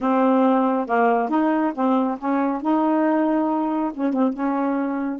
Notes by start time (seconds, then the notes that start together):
0.00 C4
0.87 A#3
1.29 D#4
1.74 C4
2.18 C#4
2.61 D#4
3.93 C#4
4.13 C4
4.33 C#4